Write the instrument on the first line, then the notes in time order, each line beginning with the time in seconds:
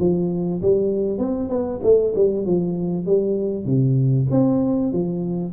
tuba
0.00 F3
0.62 G3
1.19 C4
1.49 B3
1.84 A3
2.16 G3
2.46 F3
3.06 G3
3.66 C3
4.31 C4
4.93 F3